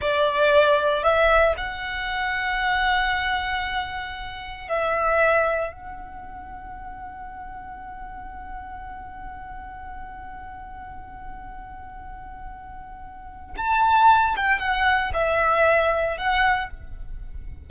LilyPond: \new Staff \with { instrumentName = "violin" } { \time 4/4 \tempo 4 = 115 d''2 e''4 fis''4~ | fis''1~ | fis''4 e''2 fis''4~ | fis''1~ |
fis''1~ | fis''1~ | fis''2 a''4. g''8 | fis''4 e''2 fis''4 | }